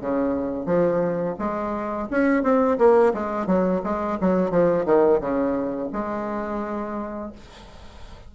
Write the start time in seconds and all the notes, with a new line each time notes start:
0.00 C#3
0.66 F3
1.38 G#3
2.10 C#4
2.43 C4
2.78 A#3
3.13 G#3
3.46 F#3
3.83 G#3
4.20 F#3
4.50 F3
4.85 D#3
5.20 C#3
5.92 G#3